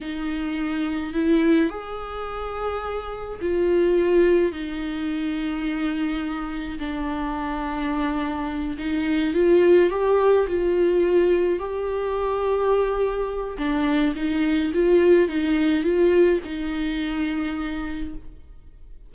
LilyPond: \new Staff \with { instrumentName = "viola" } { \time 4/4 \tempo 4 = 106 dis'2 e'4 gis'4~ | gis'2 f'2 | dis'1 | d'2.~ d'8 dis'8~ |
dis'8 f'4 g'4 f'4.~ | f'8 g'2.~ g'8 | d'4 dis'4 f'4 dis'4 | f'4 dis'2. | }